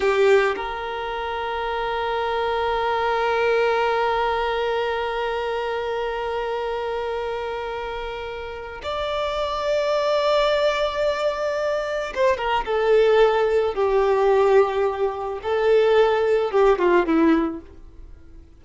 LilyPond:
\new Staff \with { instrumentName = "violin" } { \time 4/4 \tempo 4 = 109 g'4 ais'2.~ | ais'1~ | ais'1~ | ais'1 |
d''1~ | d''2 c''8 ais'8 a'4~ | a'4 g'2. | a'2 g'8 f'8 e'4 | }